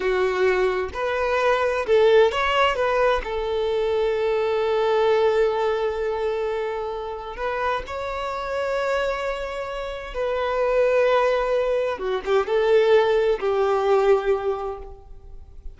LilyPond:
\new Staff \with { instrumentName = "violin" } { \time 4/4 \tempo 4 = 130 fis'2 b'2 | a'4 cis''4 b'4 a'4~ | a'1~ | a'1 |
b'4 cis''2.~ | cis''2 b'2~ | b'2 fis'8 g'8 a'4~ | a'4 g'2. | }